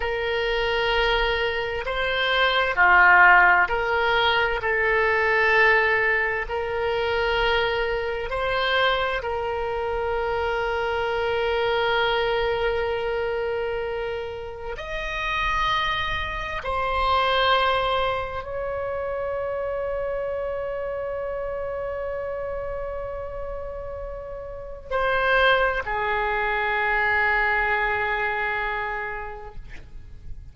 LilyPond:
\new Staff \with { instrumentName = "oboe" } { \time 4/4 \tempo 4 = 65 ais'2 c''4 f'4 | ais'4 a'2 ais'4~ | ais'4 c''4 ais'2~ | ais'1 |
dis''2 c''2 | cis''1~ | cis''2. c''4 | gis'1 | }